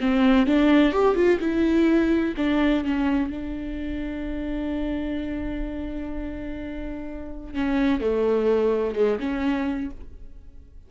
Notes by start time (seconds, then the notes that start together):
0.00 C4
0.46 D4
0.92 G4
1.15 F4
1.40 E4
2.36 D4
2.84 C#4
3.30 D4
7.54 C#4
8.00 A3
8.95 G#3
9.19 C#4